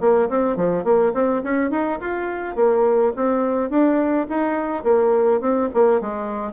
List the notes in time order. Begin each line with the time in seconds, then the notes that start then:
0.00 A#3
0.29 C4
0.56 F3
0.84 A#3
1.14 C4
1.43 C#4
1.70 D#4
2.00 F4
2.55 A#3
3.16 C4
3.70 D4
4.29 D#4
4.83 A#3
5.41 C4
5.74 A#3
6.01 G#3